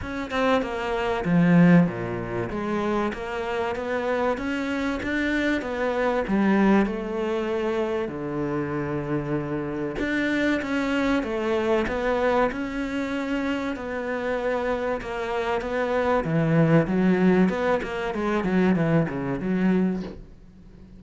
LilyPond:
\new Staff \with { instrumentName = "cello" } { \time 4/4 \tempo 4 = 96 cis'8 c'8 ais4 f4 ais,4 | gis4 ais4 b4 cis'4 | d'4 b4 g4 a4~ | a4 d2. |
d'4 cis'4 a4 b4 | cis'2 b2 | ais4 b4 e4 fis4 | b8 ais8 gis8 fis8 e8 cis8 fis4 | }